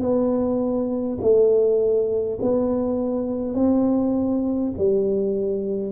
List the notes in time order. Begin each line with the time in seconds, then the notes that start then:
0.00 B3
1.21 A3
2.42 B3
3.54 C4
4.78 G3